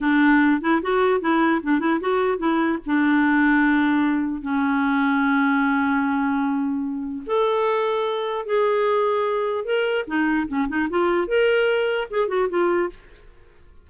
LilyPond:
\new Staff \with { instrumentName = "clarinet" } { \time 4/4 \tempo 4 = 149 d'4. e'8 fis'4 e'4 | d'8 e'8 fis'4 e'4 d'4~ | d'2. cis'4~ | cis'1~ |
cis'2 a'2~ | a'4 gis'2. | ais'4 dis'4 cis'8 dis'8 f'4 | ais'2 gis'8 fis'8 f'4 | }